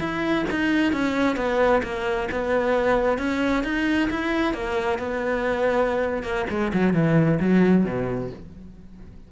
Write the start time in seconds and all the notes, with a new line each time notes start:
0.00 E4
0.51 D#4
0.93 C#4
1.37 B3
1.83 A#3
2.32 B3
3.19 C#4
3.64 D#4
4.11 E4
4.54 A#3
4.99 B3
6.23 A#3
6.50 G#3
6.74 F#3
6.94 E3
7.40 F#3
7.85 B2